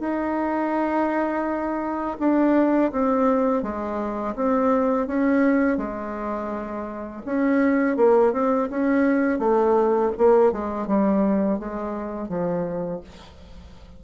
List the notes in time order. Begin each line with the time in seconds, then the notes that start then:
0.00 D#4
2.19 D4
2.92 C4
3.63 G#3
4.35 C4
5.07 C#4
5.78 G#3
7.26 C#4
7.97 A#3
8.33 C4
8.70 C#4
9.39 A3
10.18 A#3
10.52 G#3
10.87 G3
11.59 G#3
12.29 F3